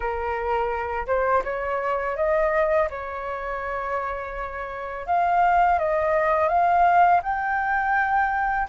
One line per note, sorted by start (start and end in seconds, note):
0.00 1.06 A#4
1.06 1.43 C5
1.44 2.16 C#5
2.16 2.88 D#5
2.89 5.06 C#5
5.06 5.78 F5
5.78 6.48 D#5
6.48 7.20 F5
7.23 8.67 G5